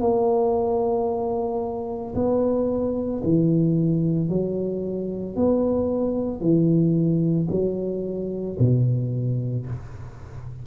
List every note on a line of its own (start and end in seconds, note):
0.00 2.14 A#3
2.15 3.22 B3
3.23 4.29 E3
4.29 5.36 F#3
5.36 6.41 B3
6.41 7.48 E3
7.50 8.58 F#3
8.59 9.66 B2